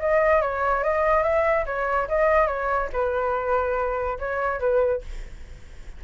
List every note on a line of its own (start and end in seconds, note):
0.00 0.42 D#5
0.42 0.84 C#5
0.84 1.23 D#5
1.23 1.65 E5
1.66 2.08 C#5
2.09 2.48 D#5
2.48 2.90 C#5
2.93 4.19 B4
4.20 4.60 C#5
4.60 5.02 B4